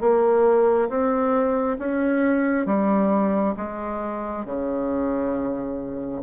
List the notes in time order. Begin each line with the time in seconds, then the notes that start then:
0.00 A#3
0.89 C4
1.78 C#4
2.66 G3
3.57 G#3
4.45 C#3